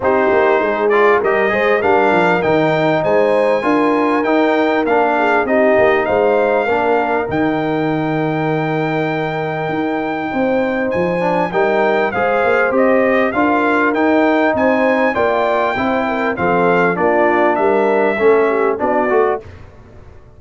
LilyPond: <<
  \new Staff \with { instrumentName = "trumpet" } { \time 4/4 \tempo 4 = 99 c''4. d''8 dis''4 f''4 | g''4 gis''2 g''4 | f''4 dis''4 f''2 | g''1~ |
g''2 gis''4 g''4 | f''4 dis''4 f''4 g''4 | gis''4 g''2 f''4 | d''4 e''2 d''4 | }
  \new Staff \with { instrumentName = "horn" } { \time 4/4 g'4 gis'4 ais'8 c''8 ais'4~ | ais'4 c''4 ais'2~ | ais'8 gis'8 g'4 c''4 ais'4~ | ais'1~ |
ais'4 c''2 ais'4 | c''2 ais'2 | c''4 d''4 c''8 ais'8 a'4 | f'4 ais'4 a'8 g'8 fis'4 | }
  \new Staff \with { instrumentName = "trombone" } { \time 4/4 dis'4. f'8 g'8 gis'8 d'4 | dis'2 f'4 dis'4 | d'4 dis'2 d'4 | dis'1~ |
dis'2~ dis'8 d'8 dis'4 | gis'4 g'4 f'4 dis'4~ | dis'4 f'4 e'4 c'4 | d'2 cis'4 d'8 fis'8 | }
  \new Staff \with { instrumentName = "tuba" } { \time 4/4 c'8 ais8 gis4 g8 gis8 g8 f8 | dis4 gis4 d'4 dis'4 | ais4 c'8 ais8 gis4 ais4 | dis1 |
dis'4 c'4 f4 g4 | gis8 ais8 c'4 d'4 dis'4 | c'4 ais4 c'4 f4 | ais4 g4 a4 b8 a8 | }
>>